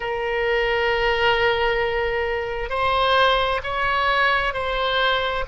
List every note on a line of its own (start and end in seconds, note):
0.00 2.69 A#4
2.69 3.60 C5
3.63 4.53 C#5
4.53 5.44 C5